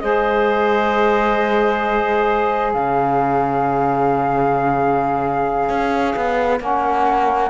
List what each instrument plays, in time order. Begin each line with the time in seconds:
0.00 cello G#3, saxophone G#4, clarinet C5, flute D#5
2.73 cello C#3, clarinet C#5, flute F5
5.69 cello C#4
6.16 cello B3
6.59 cello A#3, saxophone C#4, flute F#5